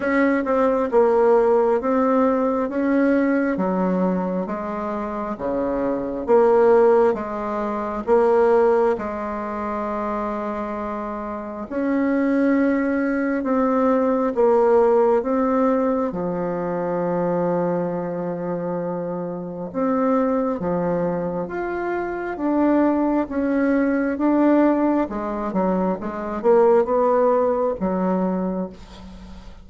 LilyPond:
\new Staff \with { instrumentName = "bassoon" } { \time 4/4 \tempo 4 = 67 cis'8 c'8 ais4 c'4 cis'4 | fis4 gis4 cis4 ais4 | gis4 ais4 gis2~ | gis4 cis'2 c'4 |
ais4 c'4 f2~ | f2 c'4 f4 | f'4 d'4 cis'4 d'4 | gis8 fis8 gis8 ais8 b4 fis4 | }